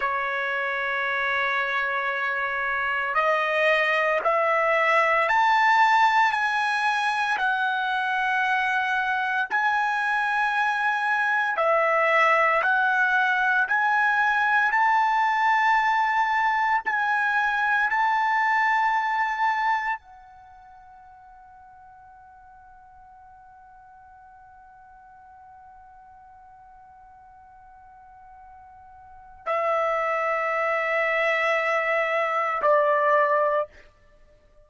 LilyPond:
\new Staff \with { instrumentName = "trumpet" } { \time 4/4 \tempo 4 = 57 cis''2. dis''4 | e''4 a''4 gis''4 fis''4~ | fis''4 gis''2 e''4 | fis''4 gis''4 a''2 |
gis''4 a''2 fis''4~ | fis''1~ | fis''1 | e''2. d''4 | }